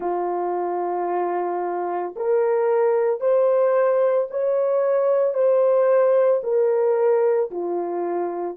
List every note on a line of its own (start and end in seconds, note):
0.00 2.14 F4
2.15 3.20 A#4
3.20 4.27 C5
4.30 5.34 C#5
5.34 6.41 C5
6.43 7.50 A#4
7.50 8.57 F4